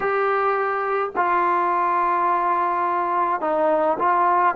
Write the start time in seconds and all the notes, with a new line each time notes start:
0.00 G4
1.16 F4
3.41 D#4
3.98 F4